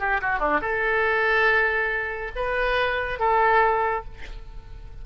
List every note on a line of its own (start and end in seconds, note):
0.00 0.21 G4
0.22 0.39 F#4
0.39 0.61 D4
0.62 2.32 A4
2.36 3.20 B4
3.20 4.05 A4